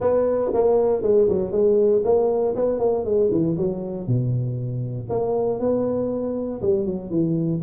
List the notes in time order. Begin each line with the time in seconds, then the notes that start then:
0.00 B3
0.53 A#3
1.02 G#3
1.29 F#3
1.51 G#3
2.04 A#3
2.55 B3
2.79 A#3
3.04 G#3
3.31 E3
3.57 F#3
4.07 B2
5.09 A#3
5.59 B3
6.61 G3
6.85 F#3
7.10 E3